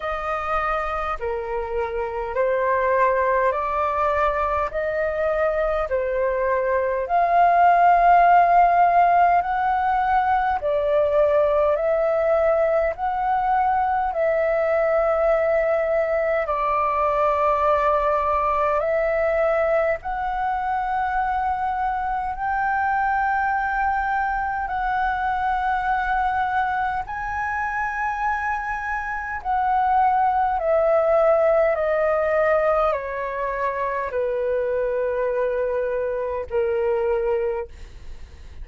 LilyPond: \new Staff \with { instrumentName = "flute" } { \time 4/4 \tempo 4 = 51 dis''4 ais'4 c''4 d''4 | dis''4 c''4 f''2 | fis''4 d''4 e''4 fis''4 | e''2 d''2 |
e''4 fis''2 g''4~ | g''4 fis''2 gis''4~ | gis''4 fis''4 e''4 dis''4 | cis''4 b'2 ais'4 | }